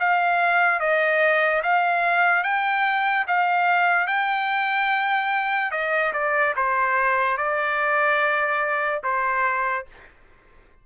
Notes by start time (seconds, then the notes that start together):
0.00 F5
0.80 D#5
1.63 F5
2.44 G5
3.28 F5
4.07 G5
5.72 D#5
6.13 D5
6.56 C5
7.37 D5
9.04 C5